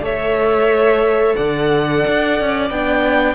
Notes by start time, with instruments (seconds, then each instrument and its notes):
0.00 cello A3, viola A4, violin C#5 E5
1.35 cello D3, violin D5 F#5
2.07 cello D4
2.40 cello C#4
2.70 cello B3, viola D4, violin G5